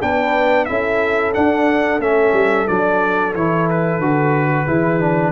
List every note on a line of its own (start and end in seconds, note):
0.00 0.68 B3
0.00 0.67 D4
0.00 0.67 B4
0.00 0.65 G5
0.65 1.36 C#4
0.65 1.33 E4
0.65 4.66 A4
0.65 1.32 E5
1.33 2.00 D4
1.33 1.99 D4
1.33 2.00 F#5
1.99 2.32 A3
1.99 2.67 C#4
1.99 2.67 E5
2.32 2.66 G3
2.67 3.34 F#3
2.67 3.33 D4
2.67 3.34 D5
3.34 3.98 E3
3.34 4.01 E4
3.34 3.68 C#5
3.70 5.31 B4
3.98 4.65 D3
3.98 4.67 F#4
4.66 5.31 E3
4.66 5.00 E4
4.66 5.31 G#4
5.00 5.31 D4